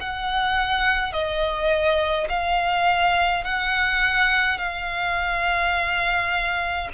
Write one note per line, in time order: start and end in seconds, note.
0.00 1.12 F#5
1.12 2.28 D#5
2.29 3.44 F5
3.44 4.58 F#5
4.58 6.89 F5